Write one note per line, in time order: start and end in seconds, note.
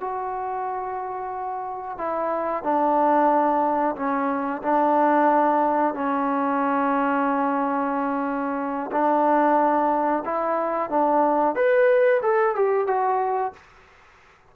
0.00 1.98 F#4
1.98 2.63 E4
2.63 3.95 D4
3.96 4.62 C#4
4.62 5.94 D4
5.94 8.91 C#4
8.92 10.23 D4
10.25 10.90 E4
10.90 11.55 D4
11.55 12.21 B4
12.22 12.55 A4
12.55 12.87 G4
12.87 13.53 F#4